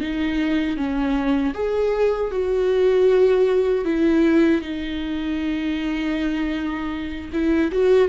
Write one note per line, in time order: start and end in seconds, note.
0.00 0.77 D#4
0.77 1.53 C#4
1.54 2.31 G#4
2.31 3.84 F#4
3.84 4.61 E4
4.61 7.30 D#4
7.32 7.71 E4
7.71 8.08 F#4